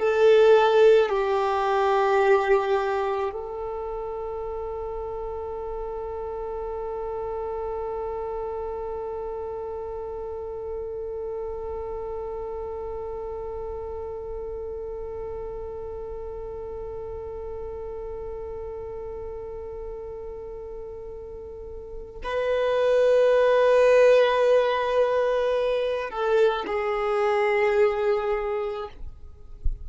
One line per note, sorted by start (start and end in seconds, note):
0.00 1.09 A4
1.09 3.31 G4
3.33 22.22 A4
22.24 26.11 B4
26.11 26.66 A4
26.67 28.89 G#4